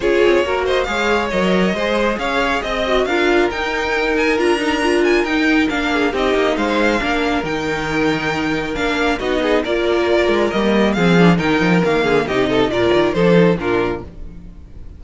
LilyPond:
<<
  \new Staff \with { instrumentName = "violin" } { \time 4/4 \tempo 4 = 137 cis''4. dis''8 f''4 dis''4~ | dis''4 f''4 dis''4 f''4 | g''4. gis''8 ais''4. gis''8 | g''4 f''4 dis''4 f''4~ |
f''4 g''2. | f''4 dis''4 d''2 | dis''4 f''4 g''4 f''4 | dis''4 d''4 c''4 ais'4 | }
  \new Staff \with { instrumentName = "violin" } { \time 4/4 gis'4 ais'8 c''8 cis''2 | c''4 cis''4 dis''4 ais'4~ | ais'1~ | ais'4. gis'8 g'4 c''4 |
ais'1~ | ais'4 fis'8 gis'8 ais'2~ | ais'4 gis'4 ais'4. gis'8 | g'8 a'8 ais'4 a'4 f'4 | }
  \new Staff \with { instrumentName = "viola" } { \time 4/4 f'4 fis'4 gis'4 ais'4 | gis'2~ gis'8 fis'8 f'4 | dis'2 f'8 dis'8 f'4 | dis'4 d'4 dis'2 |
d'4 dis'2. | d'4 dis'4 f'2 | ais4 c'8 d'8 dis'4 ais4 | dis'4 f'4 dis'16 d'16 dis'8 d'4 | }
  \new Staff \with { instrumentName = "cello" } { \time 4/4 cis'8 c'8 ais4 gis4 fis4 | gis4 cis'4 c'4 d'4 | dis'2 d'2 | dis'4 ais4 c'8 ais8 gis4 |
ais4 dis2. | ais4 b4 ais4. gis8 | g4 f4 dis8 f8 dis8 d8 | c4 ais,8 dis8 f4 ais,4 | }
>>